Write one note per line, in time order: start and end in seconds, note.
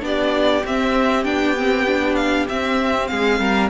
0.00 0.63 B3
0.00 0.61 D4
0.00 3.10 G4
0.00 0.66 D5
0.64 1.25 C4
0.64 1.25 E5
1.25 2.47 B3
1.25 1.55 D4
1.25 2.15 G5
1.57 1.86 C4
1.86 2.48 D4
2.15 2.46 F5
2.49 3.70 C4
2.49 3.11 C4
2.49 3.08 E5
3.08 3.39 G#3
3.08 3.40 G#4
3.08 3.69 F5
3.39 3.70 G3
3.39 3.70 A#4